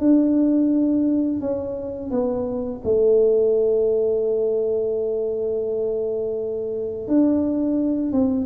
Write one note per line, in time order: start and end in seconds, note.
0.00 1.41 D4
1.41 2.11 C#4
2.11 2.81 B3
2.84 7.08 A3
7.08 8.12 D4
8.12 8.46 C4